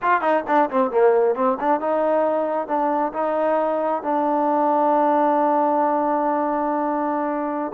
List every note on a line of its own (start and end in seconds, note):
0.02 0.21 F4
0.21 0.43 D#4
0.47 0.69 D4
0.70 0.91 C4
0.91 1.35 A#3
1.35 1.57 C4
1.60 1.80 D4
1.80 2.67 D#4
2.67 3.12 D4
3.13 4.02 D#4
4.03 7.72 D4